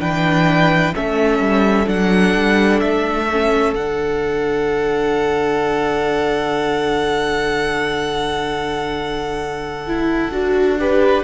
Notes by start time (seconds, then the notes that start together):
0.00 E3 D4 B4 G5
0.95 A3 C#4 A4 E5
1.39 G3
1.86 F#3 D4 F#5
2.35 G3
2.80 A3 E5
3.32 C#4
3.73 D3 D4 F#5
9.87 E4
10.31 D4 F#4
10.79 G4 B4